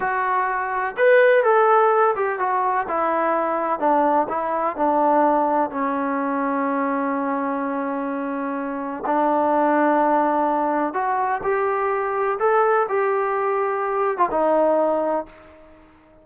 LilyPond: \new Staff \with { instrumentName = "trombone" } { \time 4/4 \tempo 4 = 126 fis'2 b'4 a'4~ | a'8 g'8 fis'4 e'2 | d'4 e'4 d'2 | cis'1~ |
cis'2. d'4~ | d'2. fis'4 | g'2 a'4 g'4~ | g'4.~ g'16 f'16 dis'2 | }